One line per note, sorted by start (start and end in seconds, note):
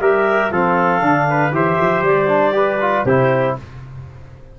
0.00 0.51 G3
0.00 0.52 G4
0.00 0.52 A#4
0.00 0.52 E5
0.51 1.02 F3
0.51 1.01 C4
0.51 1.28 A4
0.51 1.53 F5
1.01 1.52 D3
1.01 1.52 D4
1.30 1.55 B4
1.52 1.77 E3
1.52 2.28 G4
1.52 2.56 C5
1.52 2.04 E5
1.81 2.02 F3
2.02 3.04 G3
2.02 3.05 D5
2.28 2.53 D4
2.53 2.78 G4
2.53 3.06 B4
2.81 3.06 F4
3.05 3.56 C3
3.05 3.59 E4
3.05 3.57 G4
3.05 3.56 C5